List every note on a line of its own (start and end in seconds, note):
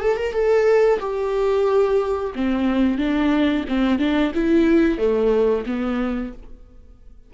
0.00 0.16 A4
0.16 0.32 A#4
0.32 0.98 A4
0.99 2.32 G4
2.35 2.98 C4
2.98 3.64 D4
3.68 3.98 C4
3.98 4.32 D4
4.34 4.98 E4
4.98 5.64 A3
5.65 6.32 B3